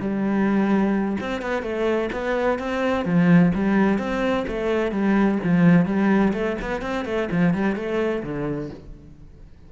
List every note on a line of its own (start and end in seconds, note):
0.00 1.17 G3
1.20 1.41 C4
1.41 1.63 B3
1.63 2.09 A3
2.12 2.59 B3
2.59 3.05 C4
3.05 3.52 F3
3.55 3.98 G3
3.98 4.45 C4
4.48 4.92 A3
4.92 5.39 G3
5.44 5.86 F3
5.86 6.33 G3
6.33 6.57 A3
6.62 6.82 B3
6.82 7.05 C4
7.05 7.29 A3
7.31 7.54 F3
7.54 7.76 G3
7.76 8.23 A3
8.23 8.70 D3